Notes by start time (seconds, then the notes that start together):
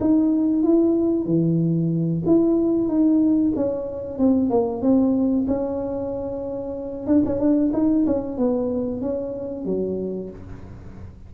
0.00 D#4
0.63 E4
1.25 E3
2.26 E4
2.87 D#4
3.56 C#4
4.18 C4
4.50 A#3
4.82 C4
5.47 C#4
7.06 D4
7.25 C#4
7.39 D4
7.73 D#4
8.06 C#4
8.37 B3
9.01 C#4
9.65 F#3